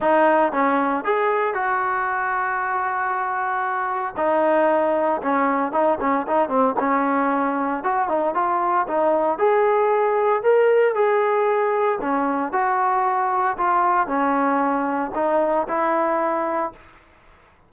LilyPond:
\new Staff \with { instrumentName = "trombone" } { \time 4/4 \tempo 4 = 115 dis'4 cis'4 gis'4 fis'4~ | fis'1 | dis'2 cis'4 dis'8 cis'8 | dis'8 c'8 cis'2 fis'8 dis'8 |
f'4 dis'4 gis'2 | ais'4 gis'2 cis'4 | fis'2 f'4 cis'4~ | cis'4 dis'4 e'2 | }